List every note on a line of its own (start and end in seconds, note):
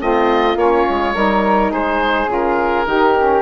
0.00 0.56 A3
0.00 0.55 C4
0.00 1.14 F4
0.00 0.58 D#5
0.55 0.84 A#3
0.55 1.12 C#4
0.55 1.72 C#5
0.89 1.16 G#3
1.14 1.72 G3
1.14 2.27 D#4
1.14 1.71 A#4
1.71 2.26 G#3
1.71 2.86 G#4
1.71 2.30 C5
2.26 2.83 C#3
2.26 2.84 F4
2.32 3.42 A#4
2.85 3.42 D#3
2.85 3.17 D#4
2.85 3.42 G4
3.17 3.42 C#4